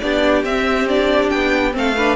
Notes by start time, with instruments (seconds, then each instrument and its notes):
0.00 cello B3, viola D4, violin G4 D5
0.44 cello C4, viola C4, violin E5
0.88 viola D4, violin D5
1.30 cello B3, violin G5
1.72 cello A3, viola C4, violin A4 F5
1.96 viola D4, violin B4